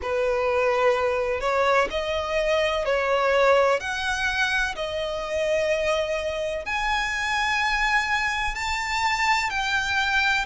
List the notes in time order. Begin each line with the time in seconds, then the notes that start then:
0.02 B4
1.40 C#5
1.90 D#5
2.85 C#5
3.80 F#5
4.75 D#5
6.65 G#5
8.55 A5
9.49 G5